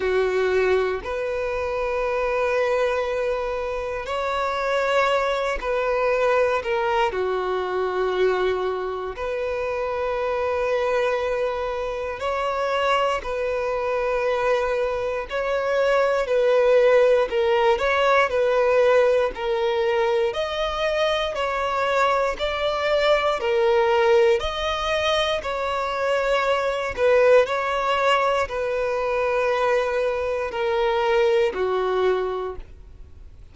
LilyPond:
\new Staff \with { instrumentName = "violin" } { \time 4/4 \tempo 4 = 59 fis'4 b'2. | cis''4. b'4 ais'8 fis'4~ | fis'4 b'2. | cis''4 b'2 cis''4 |
b'4 ais'8 cis''8 b'4 ais'4 | dis''4 cis''4 d''4 ais'4 | dis''4 cis''4. b'8 cis''4 | b'2 ais'4 fis'4 | }